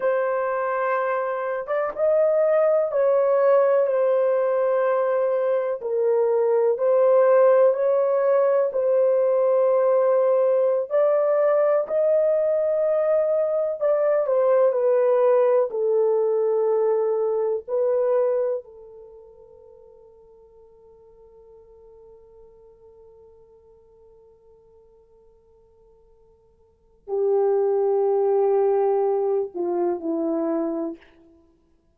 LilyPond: \new Staff \with { instrumentName = "horn" } { \time 4/4 \tempo 4 = 62 c''4.~ c''16 d''16 dis''4 cis''4 | c''2 ais'4 c''4 | cis''4 c''2~ c''16 d''8.~ | d''16 dis''2 d''8 c''8 b'8.~ |
b'16 a'2 b'4 a'8.~ | a'1~ | a'1 | g'2~ g'8 f'8 e'4 | }